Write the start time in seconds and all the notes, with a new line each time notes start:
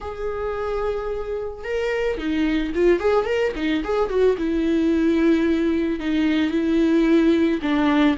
0.00 G#4
1.63 A#4
2.17 D#4
2.74 F4
2.99 G#4
3.25 A#4
3.55 D#4
3.83 G#4
4.09 F#4
4.37 E4
5.99 D#4
6.51 E4
7.62 D4